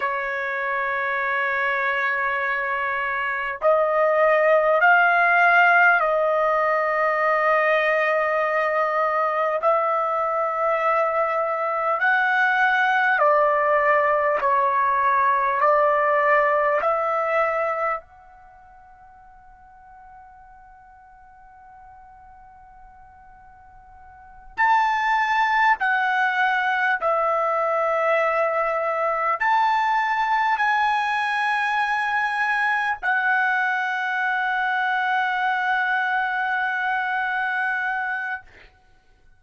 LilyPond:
\new Staff \with { instrumentName = "trumpet" } { \time 4/4 \tempo 4 = 50 cis''2. dis''4 | f''4 dis''2. | e''2 fis''4 d''4 | cis''4 d''4 e''4 fis''4~ |
fis''1~ | fis''8 a''4 fis''4 e''4.~ | e''8 a''4 gis''2 fis''8~ | fis''1 | }